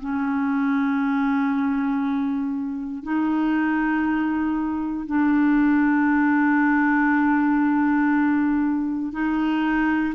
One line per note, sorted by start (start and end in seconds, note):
0.00 3.03 C#4
3.03 5.06 D#4
5.06 9.12 D4
9.12 10.14 D#4